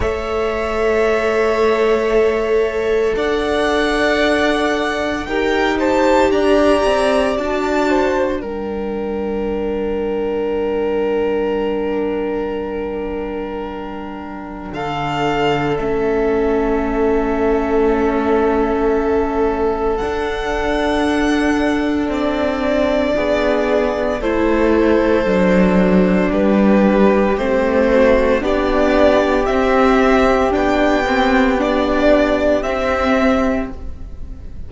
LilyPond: <<
  \new Staff \with { instrumentName = "violin" } { \time 4/4 \tempo 4 = 57 e''2. fis''4~ | fis''4 g''8 a''8 ais''4 a''4 | g''1~ | g''2 f''4 e''4~ |
e''2. fis''4~ | fis''4 d''2 c''4~ | c''4 b'4 c''4 d''4 | e''4 g''4 d''4 e''4 | }
  \new Staff \with { instrumentName = "violin" } { \time 4/4 cis''2. d''4~ | d''4 ais'8 c''8 d''4. c''8 | ais'1~ | ais'2 a'2~ |
a'1~ | a'2 gis'4 a'4~ | a'4 g'4. fis'8 g'4~ | g'1 | }
  \new Staff \with { instrumentName = "viola" } { \time 4/4 a'1~ | a'4 g'2 fis'4 | d'1~ | d'2. cis'4~ |
cis'2. d'4~ | d'2. e'4 | d'2 c'4 d'4 | c'4 d'8 c'8 d'4 c'4 | }
  \new Staff \with { instrumentName = "cello" } { \time 4/4 a2. d'4~ | d'4 dis'4 d'8 c'8 d'4 | g1~ | g2 d4 a4~ |
a2. d'4~ | d'4 c'4 b4 a4 | fis4 g4 a4 b4 | c'4 b2 c'4 | }
>>